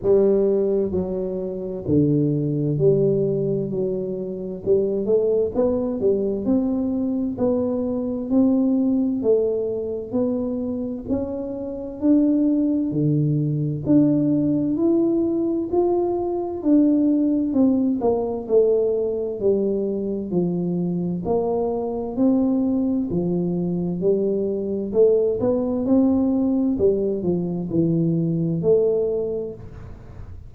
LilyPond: \new Staff \with { instrumentName = "tuba" } { \time 4/4 \tempo 4 = 65 g4 fis4 d4 g4 | fis4 g8 a8 b8 g8 c'4 | b4 c'4 a4 b4 | cis'4 d'4 d4 d'4 |
e'4 f'4 d'4 c'8 ais8 | a4 g4 f4 ais4 | c'4 f4 g4 a8 b8 | c'4 g8 f8 e4 a4 | }